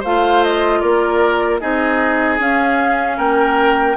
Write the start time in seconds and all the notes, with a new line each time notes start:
0.00 A3 F4 C5 F5
0.44 D#5
0.80 A#3 A#4 D5
1.60 C4 D#4 G#4 D#5
2.39 C#4 F5
3.17 A#3 A#4 G5